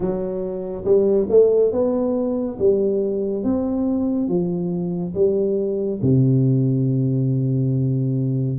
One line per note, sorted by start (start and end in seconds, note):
0.00 0.84 F#3
0.85 1.27 G3
1.29 1.71 A3
1.71 2.57 B3
2.58 3.43 G3
3.43 4.28 C4
4.28 5.14 F3
5.14 6.00 G3
6.02 8.58 C3